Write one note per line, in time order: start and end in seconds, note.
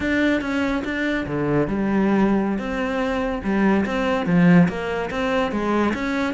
0.00 0.41 D4
0.41 0.82 C#4
0.84 1.26 D4
1.26 1.67 D3
1.67 2.58 G3
2.58 3.41 C4
3.43 3.85 G3
3.85 4.26 C4
4.26 4.67 F3
4.68 5.10 A#3
5.10 5.51 C4
5.51 5.93 G#3
5.93 6.34 C#4